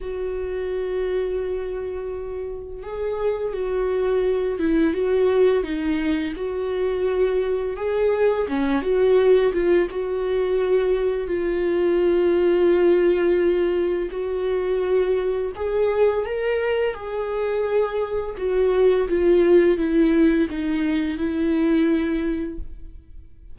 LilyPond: \new Staff \with { instrumentName = "viola" } { \time 4/4 \tempo 4 = 85 fis'1 | gis'4 fis'4. e'8 fis'4 | dis'4 fis'2 gis'4 | cis'8 fis'4 f'8 fis'2 |
f'1 | fis'2 gis'4 ais'4 | gis'2 fis'4 f'4 | e'4 dis'4 e'2 | }